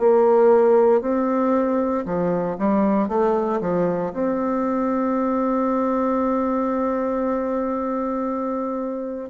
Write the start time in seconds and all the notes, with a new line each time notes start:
0.00 A#3
1.02 C4
2.05 F3
2.59 G3
3.09 A3
3.62 F3
4.13 C4